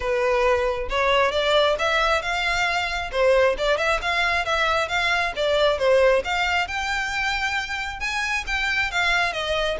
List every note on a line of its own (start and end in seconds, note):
0.00 0.88 B4
0.89 1.31 C#5
1.31 1.76 D5
1.78 2.21 E5
2.21 3.10 F5
3.11 3.56 C5
3.58 3.77 D5
3.77 3.99 E5
4.01 4.45 F5
4.45 4.88 E5
4.88 5.32 F5
5.36 5.78 D5
5.78 6.22 C5
6.24 6.67 F5
6.67 7.99 G5
7.99 8.44 G#5
8.46 8.91 G5
8.91 9.32 F5
9.32 9.77 D#5